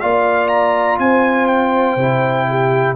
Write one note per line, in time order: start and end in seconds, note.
0.00 0.99 A#3
0.00 1.98 F4
0.00 1.00 D5
0.00 0.48 F5
0.48 0.97 A#5
0.99 1.96 C4
0.99 2.49 C5
0.99 1.46 G#5
1.46 2.94 G5
1.96 2.94 C3
1.96 2.95 E4
2.49 2.95 G4